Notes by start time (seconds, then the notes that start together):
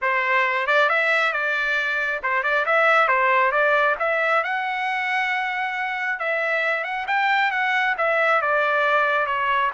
0.01 C5
0.67 D5
0.89 E5
1.32 D5
2.22 C5
2.43 D5
2.65 E5
3.08 C5
3.51 D5
3.99 E5
4.43 F#5
6.19 E5
6.84 F#5
7.07 G5
7.51 F#5
7.97 E5
8.41 D5
9.26 C#5